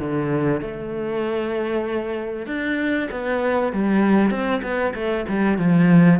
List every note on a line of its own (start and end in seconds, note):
0.00 0.61 D3
0.61 2.47 A3
2.47 3.08 D4
3.11 3.73 B3
3.73 4.30 G3
4.30 4.61 C4
4.63 4.93 B3
4.95 5.25 A3
5.29 5.58 G3
5.58 6.20 F3